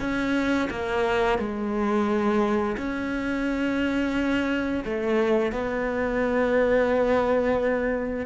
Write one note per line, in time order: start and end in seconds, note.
0.00 0.69 C#4
0.70 1.39 A#3
1.39 2.76 G#3
2.77 4.84 C#4
4.85 5.52 A3
5.52 8.26 B3